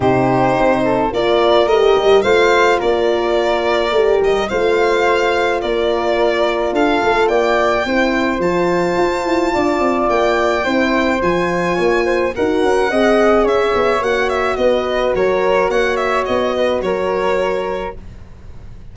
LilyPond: <<
  \new Staff \with { instrumentName = "violin" } { \time 4/4 \tempo 4 = 107 c''2 d''4 dis''4 | f''4 d''2~ d''8 dis''8 | f''2 d''2 | f''4 g''2 a''4~ |
a''2 g''2 | gis''2 fis''2 | e''4 fis''8 e''8 dis''4 cis''4 | fis''8 e''8 dis''4 cis''2 | }
  \new Staff \with { instrumentName = "flute" } { \time 4/4 g'4. a'8 ais'2 | c''4 ais'2. | c''2 ais'2 | a'4 d''4 c''2~ |
c''4 d''2 c''4~ | c''4 cis''8 c''8 ais'4 dis''4 | cis''2 b'4 ais'4 | cis''4. b'8 ais'2 | }
  \new Staff \with { instrumentName = "horn" } { \time 4/4 dis'2 f'4 g'4 | f'2. g'4 | f'1~ | f'2 e'4 f'4~ |
f'2. e'4 | f'2 fis'4 gis'4~ | gis'4 fis'2.~ | fis'1 | }
  \new Staff \with { instrumentName = "tuba" } { \time 4/4 c4 c'4 ais4 a8 g8 | a4 ais2 a8 g8 | a2 ais2 | d'8 a8 ais4 c'4 f4 |
f'8 e'8 d'8 c'8 ais4 c'4 | f4 ais4 dis'8 cis'8 c'4 | cis'8 b8 ais4 b4 fis4 | ais4 b4 fis2 | }
>>